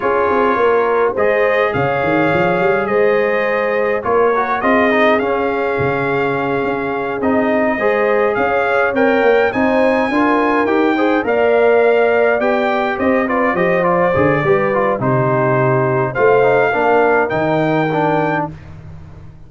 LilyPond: <<
  \new Staff \with { instrumentName = "trumpet" } { \time 4/4 \tempo 4 = 104 cis''2 dis''4 f''4~ | f''4 dis''2 cis''4 | dis''4 f''2.~ | f''8 dis''2 f''4 g''8~ |
g''8 gis''2 g''4 f''8~ | f''4. g''4 dis''8 d''8 dis''8 | d''2 c''2 | f''2 g''2 | }
  \new Staff \with { instrumentName = "horn" } { \time 4/4 gis'4 ais'4 c''4 cis''4~ | cis''4 c''2 ais'4 | gis'1~ | gis'4. c''4 cis''4.~ |
cis''8 c''4 ais'4. c''8 d''8~ | d''2~ d''8 c''8 b'8 c''8~ | c''4 b'4 g'2 | c''4 ais'2. | }
  \new Staff \with { instrumentName = "trombone" } { \time 4/4 f'2 gis'2~ | gis'2. f'8 fis'8 | f'8 dis'8 cis'2.~ | cis'8 dis'4 gis'2 ais'8~ |
ais'8 dis'4 f'4 g'8 gis'8 ais'8~ | ais'4. g'4. f'8 g'8 | f'8 gis'8 g'8 f'8 dis'2 | f'8 dis'8 d'4 dis'4 d'4 | }
  \new Staff \with { instrumentName = "tuba" } { \time 4/4 cis'8 c'8 ais4 gis4 cis8 dis8 | f8 g8 gis2 ais4 | c'4 cis'4 cis4. cis'8~ | cis'8 c'4 gis4 cis'4 c'8 |
ais8 c'4 d'4 dis'4 ais8~ | ais4. b4 c'4 f8~ | f8 d8 g4 c2 | a4 ais4 dis2 | }
>>